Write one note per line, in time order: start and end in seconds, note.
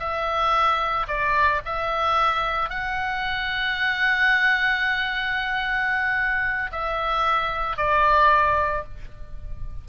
0.00 1.07 E5
1.08 1.61 D5
1.66 2.70 E5
2.70 6.72 F#5
6.72 7.77 E5
7.77 8.84 D5